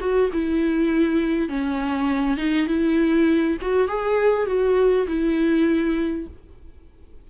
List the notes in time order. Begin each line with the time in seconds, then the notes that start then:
0.00 F#4
0.32 E4
1.48 C#4
2.37 D#4
2.67 E4
3.61 F#4
3.88 G#4
4.46 F#4
5.07 E4